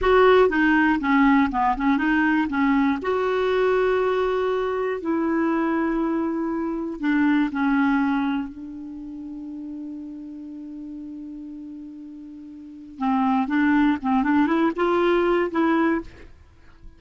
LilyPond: \new Staff \with { instrumentName = "clarinet" } { \time 4/4 \tempo 4 = 120 fis'4 dis'4 cis'4 b8 cis'8 | dis'4 cis'4 fis'2~ | fis'2 e'2~ | e'2 d'4 cis'4~ |
cis'4 d'2.~ | d'1~ | d'2 c'4 d'4 | c'8 d'8 e'8 f'4. e'4 | }